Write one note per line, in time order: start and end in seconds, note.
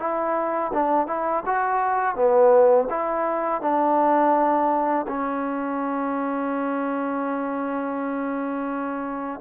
0.00 0.72 E4
0.74 1.07 D4
1.07 1.44 E4
1.46 2.16 F#4
2.16 2.88 B3
2.90 3.62 E4
3.62 5.06 D4
5.08 9.41 C#4